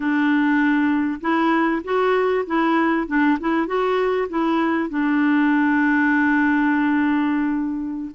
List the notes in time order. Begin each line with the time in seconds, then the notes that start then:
0.00 D4
1.21 E4
1.84 F#4
2.46 E4
3.07 D4
3.40 E4
3.67 F#4
4.29 E4
4.89 D4